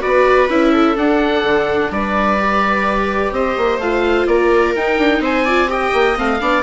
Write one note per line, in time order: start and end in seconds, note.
0.00 0.49 B3
0.00 0.47 F#4
0.00 0.71 B4
0.00 0.49 D5
0.49 0.96 C#4
0.49 0.95 E4
0.49 0.97 E5
0.71 1.89 A4
0.95 2.37 D4
0.95 1.43 D4
0.95 1.92 F#5
1.43 1.90 D3
1.90 3.31 G3
1.90 3.34 B4
1.90 3.33 D5
2.38 3.80 G4
3.31 3.54 C4
3.31 4.29 C5
3.31 3.80 D#5
3.57 3.78 A#3
3.78 4.25 A3
3.78 4.75 F4
3.78 4.27 F5
4.27 4.74 A#3
4.27 5.22 A#4
4.27 4.74 D5
4.75 5.46 D#4
4.75 4.98 D#4
4.75 5.23 G5
4.98 5.19 D4
5.19 5.90 C4
5.19 5.44 C5
5.19 5.71 G#5
5.44 5.67 F4
5.44 5.68 D5
5.67 6.14 G4
5.67 6.40 D#5
5.67 6.18 G5
5.93 6.16 A#3
6.16 6.40 A3
6.16 6.39 C4
6.16 6.63 F5
6.40 6.63 B3
6.40 6.63 D4
6.40 6.63 D5